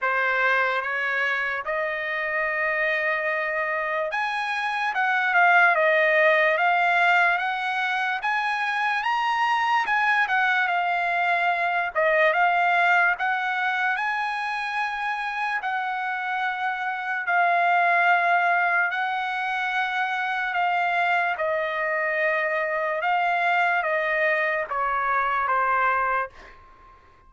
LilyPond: \new Staff \with { instrumentName = "trumpet" } { \time 4/4 \tempo 4 = 73 c''4 cis''4 dis''2~ | dis''4 gis''4 fis''8 f''8 dis''4 | f''4 fis''4 gis''4 ais''4 | gis''8 fis''8 f''4. dis''8 f''4 |
fis''4 gis''2 fis''4~ | fis''4 f''2 fis''4~ | fis''4 f''4 dis''2 | f''4 dis''4 cis''4 c''4 | }